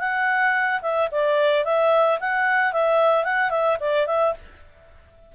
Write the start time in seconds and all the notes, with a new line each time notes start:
0.00 F#5
0.82 E5
1.12 D5
1.65 E5
2.20 F#5
2.73 E5
3.25 F#5
3.51 E5
3.81 D5
4.07 E5